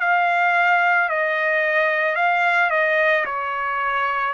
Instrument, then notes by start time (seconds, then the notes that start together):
trumpet
0.00 F5
1.09 D#5
2.15 F5
2.70 D#5
3.25 C#5